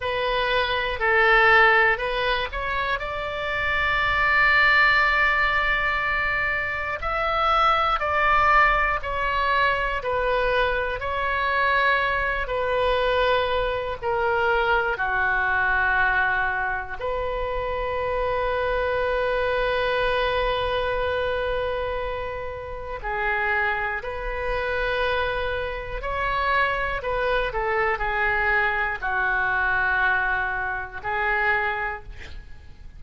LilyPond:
\new Staff \with { instrumentName = "oboe" } { \time 4/4 \tempo 4 = 60 b'4 a'4 b'8 cis''8 d''4~ | d''2. e''4 | d''4 cis''4 b'4 cis''4~ | cis''8 b'4. ais'4 fis'4~ |
fis'4 b'2.~ | b'2. gis'4 | b'2 cis''4 b'8 a'8 | gis'4 fis'2 gis'4 | }